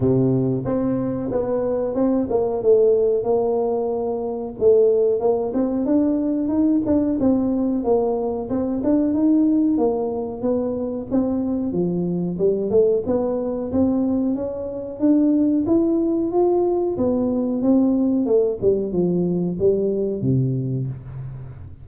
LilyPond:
\new Staff \with { instrumentName = "tuba" } { \time 4/4 \tempo 4 = 92 c4 c'4 b4 c'8 ais8 | a4 ais2 a4 | ais8 c'8 d'4 dis'8 d'8 c'4 | ais4 c'8 d'8 dis'4 ais4 |
b4 c'4 f4 g8 a8 | b4 c'4 cis'4 d'4 | e'4 f'4 b4 c'4 | a8 g8 f4 g4 c4 | }